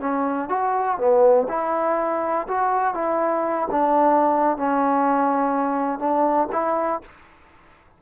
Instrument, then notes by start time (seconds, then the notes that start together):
trombone
0.00 C#4
0.49 F#4
0.98 B3
1.49 E4
2.48 F#4
2.95 E4
3.71 D4
4.57 C#4
6.00 D4
6.52 E4